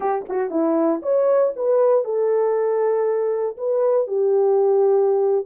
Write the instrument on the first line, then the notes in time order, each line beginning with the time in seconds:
horn
0.00 G4
0.28 F#4
0.50 E4
1.02 C#5
1.56 B4
2.04 A4
3.57 B4
4.07 G4